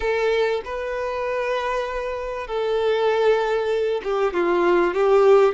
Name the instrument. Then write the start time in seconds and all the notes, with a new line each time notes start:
violin
0.00 A4
0.64 B4
2.47 A4
4.03 G4
4.33 F4
4.93 G4